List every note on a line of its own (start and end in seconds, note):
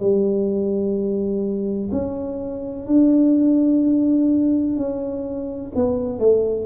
0.00 1.90 G3
1.92 2.87 C#4
2.87 4.77 D4
4.77 5.72 C#4
5.75 6.19 B3
6.19 6.66 A3